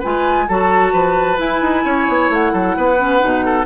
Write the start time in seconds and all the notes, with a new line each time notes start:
0.00 G#3 F4 B4 G#5
0.48 F#3 F#4 A4 A5
0.93 F3 B4
1.37 E4 G#5
1.62 D#4
1.85 C#4 C#5
2.09 B3
2.30 A3 F#5
2.53 F#3 A4
2.77 B3 B4
2.99 C#4
3.19 B2 D#4
3.45 A4